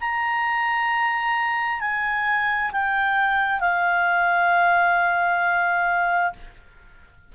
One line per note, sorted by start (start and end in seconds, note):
0.00 1.80 A#5
1.80 2.71 G#5
2.71 3.60 G5
3.60 6.33 F5